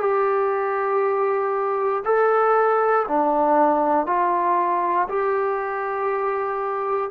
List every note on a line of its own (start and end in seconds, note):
0.00 2.03 G4
2.05 3.06 A4
3.08 4.06 D4
4.06 5.08 F4
5.09 7.10 G4